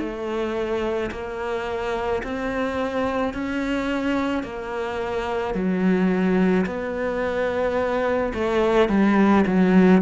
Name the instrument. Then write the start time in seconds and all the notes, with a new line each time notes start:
cello
0.00 A3
1.12 A#3
2.23 C4
3.34 C#4
4.43 A#3
5.55 F#3
6.67 B3
8.34 A3
8.89 G3
9.47 F#3